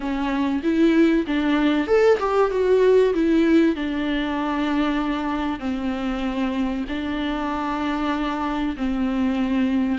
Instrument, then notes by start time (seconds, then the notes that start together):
viola
0.00 C#4
0.62 E4
1.26 D4
1.87 A4
2.19 G4
2.51 F#4
3.14 E4
3.75 D4
5.59 C4
6.88 D4
8.76 C4